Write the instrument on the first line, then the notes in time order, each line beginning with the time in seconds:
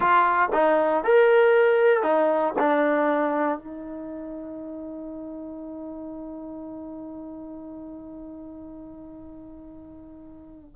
trombone
0.00 F4
0.53 D#4
1.04 A#4
2.03 D#4
2.58 D4
3.58 D#4